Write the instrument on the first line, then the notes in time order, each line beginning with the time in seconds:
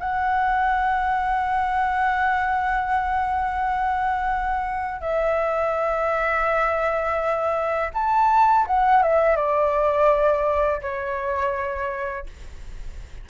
flute
0.00 F#5
5.01 E5
7.94 A5
8.67 F#5
9.03 E5
9.36 D5
10.82 C#5